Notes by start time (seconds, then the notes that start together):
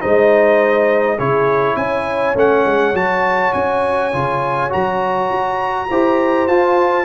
0.00 G#3 D#4 C5 D#5
1.16 C#3 E4 G#4 C#5
1.76 C#4 C#5 G#5
2.35 A3 C#4 F#5
2.65 G#3
2.94 F#3 F#4 A5
3.53 C#4 G#5
4.12 C#3 F4
4.70 F#3 F#4 A#5
5.31 F#4
5.89 E4 G4 C5
6.47 F4 A5